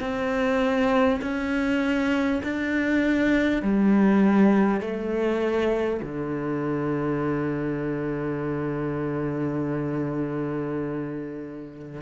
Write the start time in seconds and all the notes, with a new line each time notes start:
0.00 C4
1.21 C#4
2.43 D4
3.62 G3
4.80 A3
6.02 D3